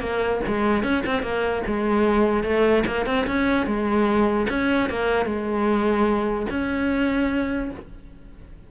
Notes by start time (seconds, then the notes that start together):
0.00 A#3
0.47 G#3
0.83 C#4
1.06 C4
1.22 A#3
1.67 G#3
2.43 A3
2.86 A#3
3.06 C4
3.27 C#4
3.66 G#3
4.49 C#4
4.90 A#3
5.25 G#3
6.50 C#4